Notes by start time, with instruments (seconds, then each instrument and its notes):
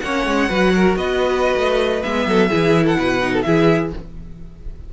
0.00 cello A#3, viola C#4, violin C#5 F#5
0.26 cello G#3
0.49 cello F#3, viola F#4, violin B4
0.75 violin A#4
0.96 cello B3, violin B4 D#5
1.56 cello A3
2.02 cello G#3, viola B3, violin E5
2.26 cello F#3, violin A4
2.50 cello E3, viola E4, violin G#4
2.85 violin A4 F#5
2.96 cello B2, violin B4
3.22 viola D#4
3.32 violin A4
3.42 cello E3, viola E4, violin G#4 E5